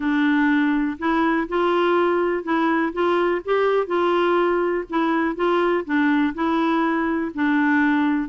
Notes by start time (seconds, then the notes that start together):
0.00 D4
0.99 E4
1.48 F4
2.43 E4
2.93 F4
3.45 G4
3.87 F4
4.89 E4
5.35 F4
5.84 D4
6.34 E4
7.34 D4